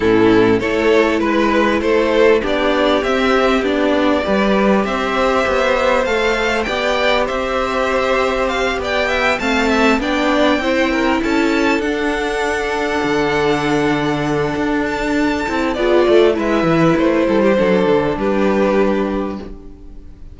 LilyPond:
<<
  \new Staff \with { instrumentName = "violin" } { \time 4/4 \tempo 4 = 99 a'4 cis''4 b'4 c''4 | d''4 e''4 d''2 | e''2 f''4 g''4 | e''2 f''8 g''4 a''8~ |
a''8 g''2 a''4 fis''8~ | fis''1~ | fis''8 a''4. d''4 e''4 | c''2 b'2 | }
  \new Staff \with { instrumentName = "violin" } { \time 4/4 e'4 a'4 b'4 a'4 | g'2. b'4 | c''2. d''4 | c''2~ c''8 d''8 e''8 f''8 |
e''8 d''4 c''8 ais'8 a'4.~ | a'1~ | a'2 gis'8 a'8 b'4~ | b'8 a'16 g'16 a'4 g'2 | }
  \new Staff \with { instrumentName = "viola" } { \time 4/4 cis'4 e'2. | d'4 c'4 d'4 g'4~ | g'2 a'4 g'4~ | g'2.~ g'8 c'8~ |
c'8 d'4 e'2 d'8~ | d'1~ | d'4. e'8 f'4 e'4~ | e'4 d'2. | }
  \new Staff \with { instrumentName = "cello" } { \time 4/4 a,4 a4 gis4 a4 | b4 c'4 b4 g4 | c'4 b4 a4 b4 | c'2~ c'8 b4 a8~ |
a8 b4 c'4 cis'4 d'8~ | d'4. d2~ d8 | d'4. c'8 b8 a8 gis8 e8 | a8 g8 fis8 d8 g2 | }
>>